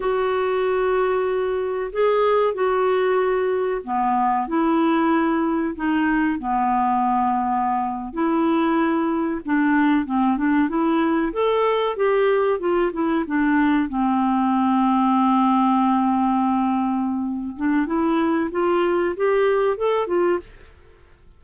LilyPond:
\new Staff \with { instrumentName = "clarinet" } { \time 4/4 \tempo 4 = 94 fis'2. gis'4 | fis'2 b4 e'4~ | e'4 dis'4 b2~ | b8. e'2 d'4 c'16~ |
c'16 d'8 e'4 a'4 g'4 f'16~ | f'16 e'8 d'4 c'2~ c'16~ | c'2.~ c'8 d'8 | e'4 f'4 g'4 a'8 f'8 | }